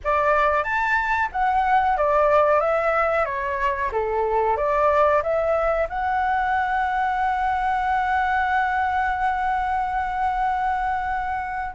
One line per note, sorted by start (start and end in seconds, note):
0.04 0.63 D5
0.63 1.28 A5
1.32 1.97 F#5
1.97 2.60 D5
2.60 3.25 E5
3.25 3.90 C#5
3.92 4.57 A4
4.57 5.22 D5
5.22 5.88 E5
5.89 11.74 F#5